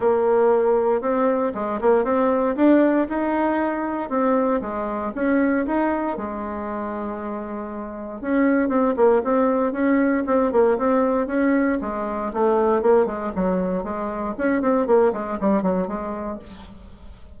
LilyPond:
\new Staff \with { instrumentName = "bassoon" } { \time 4/4 \tempo 4 = 117 ais2 c'4 gis8 ais8 | c'4 d'4 dis'2 | c'4 gis4 cis'4 dis'4 | gis1 |
cis'4 c'8 ais8 c'4 cis'4 | c'8 ais8 c'4 cis'4 gis4 | a4 ais8 gis8 fis4 gis4 | cis'8 c'8 ais8 gis8 g8 fis8 gis4 | }